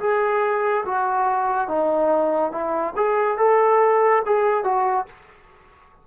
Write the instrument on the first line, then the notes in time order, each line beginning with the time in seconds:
trombone
0.00 G#4
0.86 F#4
1.69 D#4
2.52 E4
2.97 G#4
3.38 A4
4.26 G#4
4.64 F#4